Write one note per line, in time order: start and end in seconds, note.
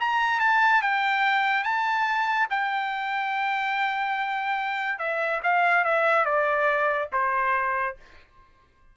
0.00 0.40 A#5
0.40 0.82 A5
0.82 1.64 G5
1.64 2.48 A5
2.50 4.99 G5
4.99 5.41 E5
5.43 5.84 F5
5.84 6.25 E5
6.25 7.09 D5
7.12 7.96 C5